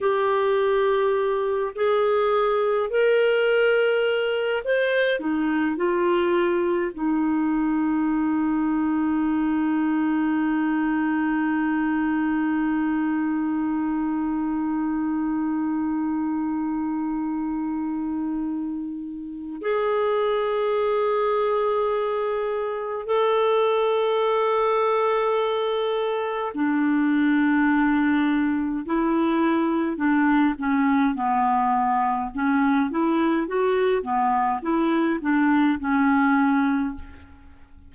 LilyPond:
\new Staff \with { instrumentName = "clarinet" } { \time 4/4 \tempo 4 = 52 g'4. gis'4 ais'4. | c''8 dis'8 f'4 dis'2~ | dis'1~ | dis'1~ |
dis'4 gis'2. | a'2. d'4~ | d'4 e'4 d'8 cis'8 b4 | cis'8 e'8 fis'8 b8 e'8 d'8 cis'4 | }